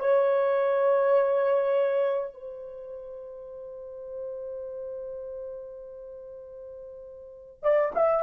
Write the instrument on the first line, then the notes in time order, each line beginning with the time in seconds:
horn
0.00 C#5
2.34 C5
7.63 D5
7.95 E5